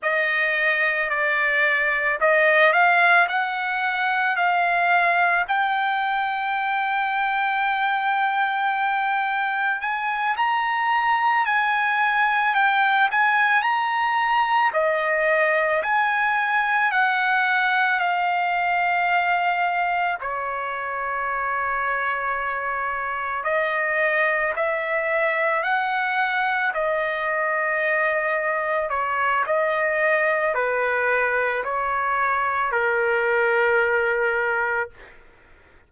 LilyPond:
\new Staff \with { instrumentName = "trumpet" } { \time 4/4 \tempo 4 = 55 dis''4 d''4 dis''8 f''8 fis''4 | f''4 g''2.~ | g''4 gis''8 ais''4 gis''4 g''8 | gis''8 ais''4 dis''4 gis''4 fis''8~ |
fis''8 f''2 cis''4.~ | cis''4. dis''4 e''4 fis''8~ | fis''8 dis''2 cis''8 dis''4 | b'4 cis''4 ais'2 | }